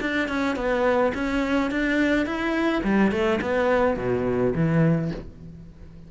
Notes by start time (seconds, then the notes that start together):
0.00 D4
0.28 C#4
0.56 B3
1.14 C#4
1.71 D4
2.26 E4
2.83 G3
3.11 A3
3.41 B3
3.96 B2
4.54 E3